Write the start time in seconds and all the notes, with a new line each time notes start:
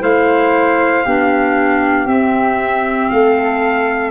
0.00 A3 E4 C5 F5
1.05 B3 D4 G4
2.06 C4 E5
3.10 A3 A4 F5